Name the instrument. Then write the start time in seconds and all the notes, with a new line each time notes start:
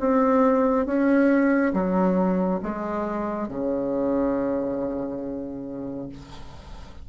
bassoon
0.00 C4
0.86 C#4
1.74 F#3
2.63 G#3
3.49 C#3